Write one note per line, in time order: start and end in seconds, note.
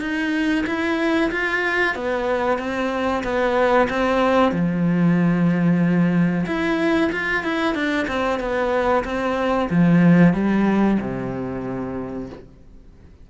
0.00 0.65 D#4
0.66 1.31 E4
1.31 1.95 F4
1.95 2.58 B3
2.58 3.23 C4
3.23 3.88 B3
3.89 4.52 C4
4.52 6.45 F3
6.46 7.11 E4
7.12 7.43 F4
7.43 7.74 E4
7.74 8.07 D4
8.07 8.39 C4
8.39 9.04 B3
9.04 9.69 C4
9.70 10.33 F3
10.33 10.98 G3
11.00 12.29 C3